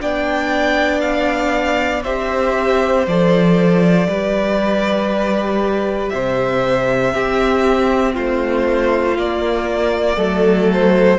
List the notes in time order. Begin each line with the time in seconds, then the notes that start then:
0.00 B3 D4 D5 G5
1.01 F5
2.04 C4 G4 C5 E5
3.07 F3 A4 D5
4.08 G3 G4 B4
6.09 C3 C5 E5
7.12 C4 G4
8.14 A3 F4 C5
9.18 A#3 D5
10.16 F#3 A3 A4
10.73 C5